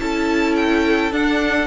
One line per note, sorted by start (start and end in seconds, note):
0.00 1.12 C#4
0.00 1.12 E4
0.00 1.67 A4
0.00 0.56 A5
0.56 1.12 G5
1.12 1.67 D4
1.12 1.67 F#5